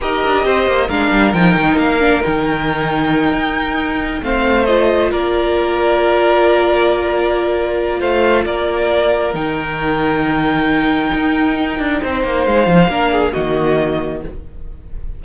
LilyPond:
<<
  \new Staff \with { instrumentName = "violin" } { \time 4/4 \tempo 4 = 135 dis''2 f''4 g''4 | f''4 g''2.~ | g''4. f''4 dis''4 d''8~ | d''1~ |
d''2 f''4 d''4~ | d''4 g''2.~ | g''1 | f''2 dis''2 | }
  \new Staff \with { instrumentName = "violin" } { \time 4/4 ais'4 c''4 ais'2~ | ais'1~ | ais'4. c''2 ais'8~ | ais'1~ |
ais'2 c''4 ais'4~ | ais'1~ | ais'2. c''4~ | c''4 ais'8 gis'8 fis'2 | }
  \new Staff \with { instrumentName = "viola" } { \time 4/4 g'2 d'4 dis'4~ | dis'8 d'8 dis'2.~ | dis'4. c'4 f'4.~ | f'1~ |
f'1~ | f'4 dis'2.~ | dis'1~ | dis'4 d'4 ais2 | }
  \new Staff \with { instrumentName = "cello" } { \time 4/4 dis'8 d'8 c'8 ais8 gis8 g8 f8 dis8 | ais4 dis2~ dis8 dis'8~ | dis'4. a2 ais8~ | ais1~ |
ais2 a4 ais4~ | ais4 dis2.~ | dis4 dis'4. d'8 c'8 ais8 | gis8 f8 ais4 dis2 | }
>>